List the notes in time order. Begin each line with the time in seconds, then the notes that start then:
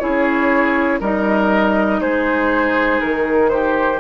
0.00 C#4 E4 G#4 C#5
1.00 G3 D#4 A#4 D#5
2.01 G#3 G#4 C5
3.01 D#3 A#4
3.49 G4 C5